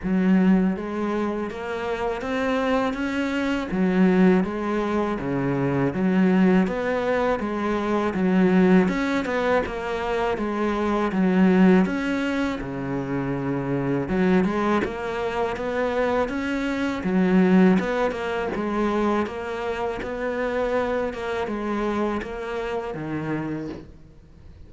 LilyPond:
\new Staff \with { instrumentName = "cello" } { \time 4/4 \tempo 4 = 81 fis4 gis4 ais4 c'4 | cis'4 fis4 gis4 cis4 | fis4 b4 gis4 fis4 | cis'8 b8 ais4 gis4 fis4 |
cis'4 cis2 fis8 gis8 | ais4 b4 cis'4 fis4 | b8 ais8 gis4 ais4 b4~ | b8 ais8 gis4 ais4 dis4 | }